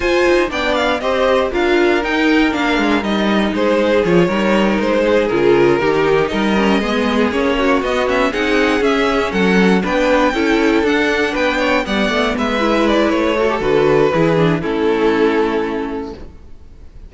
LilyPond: <<
  \new Staff \with { instrumentName = "violin" } { \time 4/4 \tempo 4 = 119 gis''4 g''8 f''8 dis''4 f''4 | g''4 f''4 dis''4 c''4 | cis''4. c''4 ais'4.~ | ais'8 dis''2 cis''4 dis''8 |
e''8 fis''4 e''4 fis''4 g''8~ | g''4. fis''4 g''4 fis''8~ | fis''8 e''4 d''8 cis''4 b'4~ | b'4 a'2. | }
  \new Staff \with { instrumentName = "violin" } { \time 4/4 c''4 d''4 c''4 ais'4~ | ais'2. gis'4~ | gis'8 ais'4. gis'4. g'8~ | g'8 ais'4 gis'4. fis'4~ |
fis'8 gis'2 a'4 b'8~ | b'8 a'2 b'8 cis''8 d''8~ | d''8 b'2 a'4. | gis'4 e'2. | }
  \new Staff \with { instrumentName = "viola" } { \time 4/4 f'4 d'4 g'4 f'4 | dis'4 d'4 dis'2 | f'8 dis'2 f'4 dis'8~ | dis'4 cis'8 b4 cis'4 b8 |
cis'8 dis'4 cis'2 d'8~ | d'8 e'4 d'2 b8~ | b4 e'4. fis'16 g'16 fis'4 | e'8 d'8 cis'2. | }
  \new Staff \with { instrumentName = "cello" } { \time 4/4 f'8 dis'8 b4 c'4 d'4 | dis'4 ais8 gis8 g4 gis4 | f8 g4 gis4 cis4 dis8~ | dis8 g4 gis4 ais4 b8~ |
b8 c'4 cis'4 fis4 b8~ | b8 cis'4 d'4 b4 g8 | a8 gis4. a4 d4 | e4 a2. | }
>>